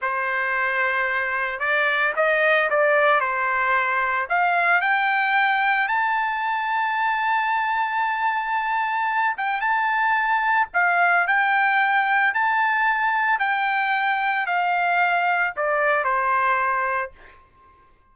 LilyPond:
\new Staff \with { instrumentName = "trumpet" } { \time 4/4 \tempo 4 = 112 c''2. d''4 | dis''4 d''4 c''2 | f''4 g''2 a''4~ | a''1~ |
a''4. g''8 a''2 | f''4 g''2 a''4~ | a''4 g''2 f''4~ | f''4 d''4 c''2 | }